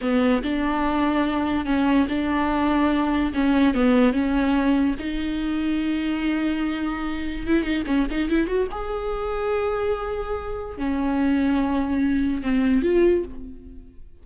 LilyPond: \new Staff \with { instrumentName = "viola" } { \time 4/4 \tempo 4 = 145 b4 d'2. | cis'4 d'2. | cis'4 b4 cis'2 | dis'1~ |
dis'2 e'8 dis'8 cis'8 dis'8 | e'8 fis'8 gis'2.~ | gis'2 cis'2~ | cis'2 c'4 f'4 | }